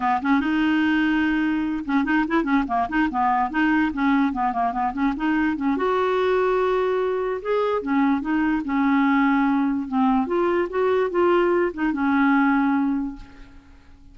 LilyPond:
\new Staff \with { instrumentName = "clarinet" } { \time 4/4 \tempo 4 = 146 b8 cis'8 dis'2.~ | dis'8 cis'8 dis'8 e'8 cis'8 ais8 dis'8 b8~ | b8 dis'4 cis'4 b8 ais8 b8 | cis'8 dis'4 cis'8 fis'2~ |
fis'2 gis'4 cis'4 | dis'4 cis'2. | c'4 f'4 fis'4 f'4~ | f'8 dis'8 cis'2. | }